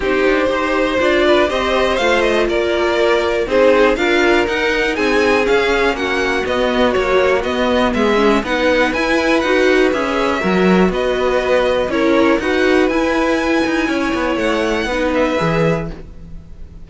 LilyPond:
<<
  \new Staff \with { instrumentName = "violin" } { \time 4/4 \tempo 4 = 121 c''2 d''4 dis''4 | f''8 dis''8 d''2 c''4 | f''4 fis''4 gis''4 f''4 | fis''4 dis''4 cis''4 dis''4 |
e''4 fis''4 gis''4 fis''4 | e''2 dis''2 | cis''4 fis''4 gis''2~ | gis''4 fis''4. e''4. | }
  \new Staff \with { instrumentName = "violin" } { \time 4/4 g'4 c''4. b'8 c''4~ | c''4 ais'2 gis'4 | ais'2 gis'2 | fis'1 |
gis'4 b'2.~ | b'4 ais'4 b'2 | ais'4 b'2. | cis''2 b'2 | }
  \new Staff \with { instrumentName = "viola" } { \time 4/4 dis'4 g'4 f'4 g'4 | f'2. dis'4 | f'4 dis'2 cis'4~ | cis'4 b4 fis4 b4~ |
b8 cis'8 dis'4 e'4 fis'4 | gis'4 fis'2. | e'4 fis'4 e'2~ | e'2 dis'4 gis'4 | }
  \new Staff \with { instrumentName = "cello" } { \time 4/4 c'8 d'8 dis'4 d'4 c'4 | a4 ais2 c'4 | d'4 dis'4 c'4 cis'4 | ais4 b4 ais4 b4 |
gis4 b4 e'4 dis'4 | cis'4 fis4 b2 | cis'4 dis'4 e'4. dis'8 | cis'8 b8 a4 b4 e4 | }
>>